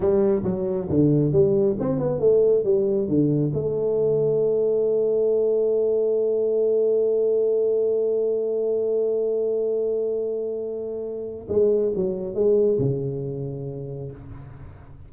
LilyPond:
\new Staff \with { instrumentName = "tuba" } { \time 4/4 \tempo 4 = 136 g4 fis4 d4 g4 | c'8 b8 a4 g4 d4 | a1~ | a1~ |
a1~ | a1~ | a2 gis4 fis4 | gis4 cis2. | }